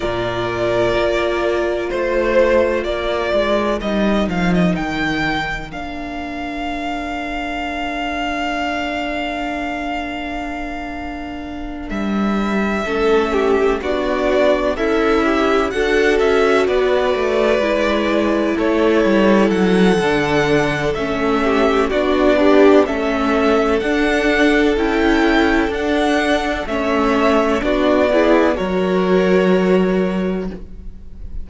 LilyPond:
<<
  \new Staff \with { instrumentName = "violin" } { \time 4/4 \tempo 4 = 63 d''2 c''4 d''4 | dis''8 f''16 dis''16 g''4 f''2~ | f''1~ | f''8 e''2 d''4 e''8~ |
e''8 fis''8 e''8 d''2 cis''8~ | cis''8 fis''4. e''4 d''4 | e''4 fis''4 g''4 fis''4 | e''4 d''4 cis''2 | }
  \new Staff \with { instrumentName = "violin" } { \time 4/4 ais'2 c''4 ais'4~ | ais'1~ | ais'1~ | ais'4. a'8 g'8 fis'4 e'8~ |
e'8 a'4 b'2 a'8~ | a'2~ a'8 g'8 fis'8 d'8 | a'1 | cis''4 fis'8 gis'8 ais'2 | }
  \new Staff \with { instrumentName = "viola" } { \time 4/4 f'1 | dis'2 d'2~ | d'1~ | d'4. cis'4 d'4 a'8 |
g'8 fis'2 e'4.~ | e'4 d'4 cis'4 d'8 g'8 | cis'4 d'4 e'4 d'4 | cis'4 d'8 e'8 fis'2 | }
  \new Staff \with { instrumentName = "cello" } { \time 4/4 ais,4 ais4 a4 ais8 gis8 | g8 f8 dis4 ais2~ | ais1~ | ais8 g4 a4 b4 cis'8~ |
cis'8 d'8 cis'8 b8 a8 gis4 a8 | g8 fis8 d4 a4 b4 | a4 d'4 cis'4 d'4 | a4 b4 fis2 | }
>>